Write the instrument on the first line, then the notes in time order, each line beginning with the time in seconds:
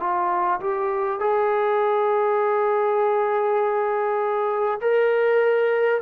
trombone
0.00 F4
0.61 G4
1.20 G#4
4.82 A#4